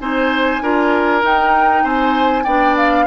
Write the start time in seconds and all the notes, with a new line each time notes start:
0.00 C4 D#4 C5 G#5
0.61 D4 F4 A#4
1.22 D#4 G5
1.84 C4 C5 G#5
2.44 B3 D4 D5 G5
2.77 F5